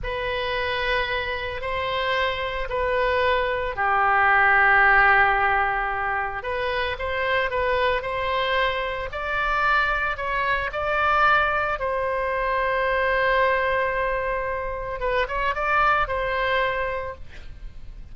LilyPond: \new Staff \with { instrumentName = "oboe" } { \time 4/4 \tempo 4 = 112 b'2. c''4~ | c''4 b'2 g'4~ | g'1 | b'4 c''4 b'4 c''4~ |
c''4 d''2 cis''4 | d''2 c''2~ | c''1 | b'8 cis''8 d''4 c''2 | }